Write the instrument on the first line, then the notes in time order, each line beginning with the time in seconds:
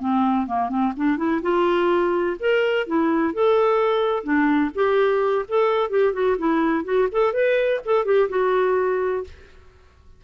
clarinet
0.00 C4
0.47 A#3
0.70 C4
0.97 D4
1.18 E4
1.43 F4
2.40 A#4
2.87 E4
3.34 A4
4.24 D4
4.75 G4
5.49 A4
5.90 G4
6.14 F#4
6.38 E4
6.85 F#4
7.12 A4
7.34 B4
7.85 A4
8.06 G4
8.30 F#4